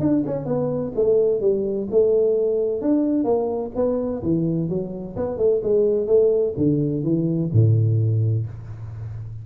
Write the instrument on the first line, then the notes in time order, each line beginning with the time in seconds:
tuba
0.00 D4
0.26 C#4
0.46 B3
0.95 A3
1.41 G3
1.91 A3
2.82 D4
3.25 A#3
3.76 B3
4.23 E3
4.69 F#3
5.16 B3
5.38 A3
5.63 G#3
6.07 A3
6.57 D3
7.04 E3
7.53 A2